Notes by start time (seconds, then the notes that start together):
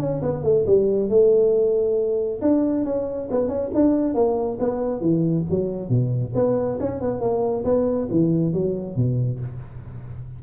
0.00 C#4
0.22 B3
0.43 A3
0.67 G3
1.09 A3
2.42 D4
2.85 C#4
3.31 B3
3.49 C#4
3.75 D4
4.15 A#3
4.60 B3
5.01 E3
5.50 F#3
5.90 B2
6.35 B3
6.81 C#4
7.01 B3
7.21 A#3
7.65 B3
8.11 E3
8.53 F#3
8.96 B2